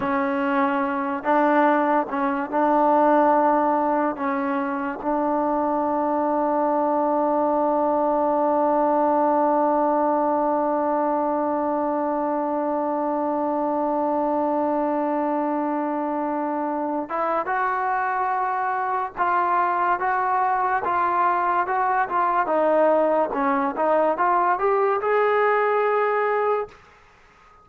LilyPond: \new Staff \with { instrumentName = "trombone" } { \time 4/4 \tempo 4 = 72 cis'4. d'4 cis'8 d'4~ | d'4 cis'4 d'2~ | d'1~ | d'1~ |
d'1~ | d'8 e'8 fis'2 f'4 | fis'4 f'4 fis'8 f'8 dis'4 | cis'8 dis'8 f'8 g'8 gis'2 | }